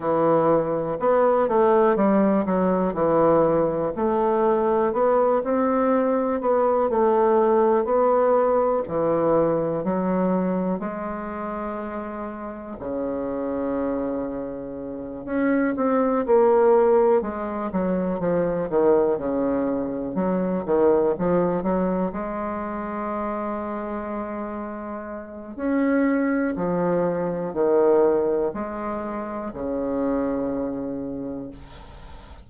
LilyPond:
\new Staff \with { instrumentName = "bassoon" } { \time 4/4 \tempo 4 = 61 e4 b8 a8 g8 fis8 e4 | a4 b8 c'4 b8 a4 | b4 e4 fis4 gis4~ | gis4 cis2~ cis8 cis'8 |
c'8 ais4 gis8 fis8 f8 dis8 cis8~ | cis8 fis8 dis8 f8 fis8 gis4.~ | gis2 cis'4 f4 | dis4 gis4 cis2 | }